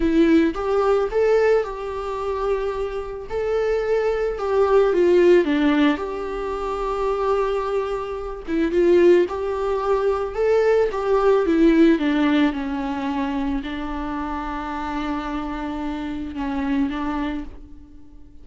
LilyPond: \new Staff \with { instrumentName = "viola" } { \time 4/4 \tempo 4 = 110 e'4 g'4 a'4 g'4~ | g'2 a'2 | g'4 f'4 d'4 g'4~ | g'2.~ g'8 e'8 |
f'4 g'2 a'4 | g'4 e'4 d'4 cis'4~ | cis'4 d'2.~ | d'2 cis'4 d'4 | }